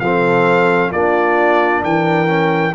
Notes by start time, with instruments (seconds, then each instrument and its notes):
0.00 tuba F3, trombone C4, horn A4, trumpet F5
0.91 tuba A#3, trombone D4, horn F4, trumpet D5
1.82 tuba E3, horn A#4, trumpet G5
2.27 trombone C#4